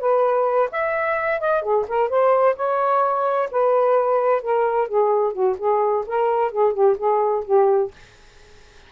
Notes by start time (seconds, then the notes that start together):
0.00 B4
0.72 E5
1.41 D#5
1.62 G#4
1.88 A#4
2.09 C5
2.56 C#5
3.51 B4
4.42 A#4
4.88 G#4
5.33 F#4
5.58 G#4
6.07 A#4
6.52 G#4
6.73 G4
6.98 G#4
7.45 G4